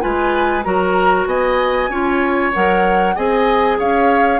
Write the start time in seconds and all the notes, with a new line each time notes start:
0.00 G#3 F4 B4 G#5
0.64 F#3 F#4 A#4 A#5
1.26 B3 D#5 G#5
1.88 C#4 F4 C#5
2.53 F#3 A#4 F#5
3.15 C4 G#4 D#5 G#5
3.78 C#4 C#5 F5